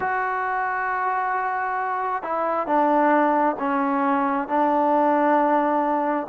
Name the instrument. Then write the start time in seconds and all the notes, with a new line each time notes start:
trombone
0.00 F#4
2.23 E4
2.66 D4
3.59 C#4
4.48 D4